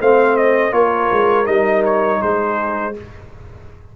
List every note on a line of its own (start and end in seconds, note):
0.00 0.71 A3
0.00 0.71 C4
0.00 0.72 C5
0.00 0.36 F5
0.36 0.73 D#5
0.71 1.08 A#3
0.71 1.45 F4
0.71 2.21 A#4
0.71 1.46 C#5
1.12 1.47 G#3
1.45 2.21 G3
1.45 2.94 D#4
1.45 1.83 D#5
1.85 2.22 C#5
2.21 2.96 G#3
2.21 2.95 G#4
2.21 2.96 C5